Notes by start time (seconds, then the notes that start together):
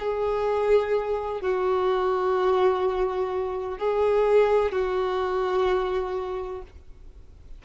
0.00 G#4
1.42 F#4
3.79 G#4
4.72 F#4